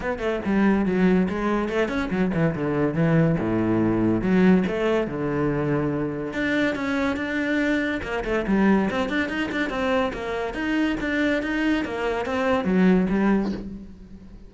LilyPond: \new Staff \with { instrumentName = "cello" } { \time 4/4 \tempo 4 = 142 b8 a8 g4 fis4 gis4 | a8 cis'8 fis8 e8 d4 e4 | a,2 fis4 a4 | d2. d'4 |
cis'4 d'2 ais8 a8 | g4 c'8 d'8 dis'8 d'8 c'4 | ais4 dis'4 d'4 dis'4 | ais4 c'4 fis4 g4 | }